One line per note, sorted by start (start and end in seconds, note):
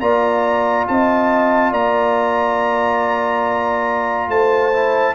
0.00 0.86 A#3
0.00 4.72 F4
0.00 0.87 D5
0.00 0.86 A#5
0.88 1.72 C4
0.88 1.72 D#5
0.88 1.74 A5
1.72 4.29 A#3
1.72 4.29 D5
1.72 4.30 A#5
4.29 5.14 A3
4.29 5.15 C5
4.29 5.15 A5
4.73 5.15 E4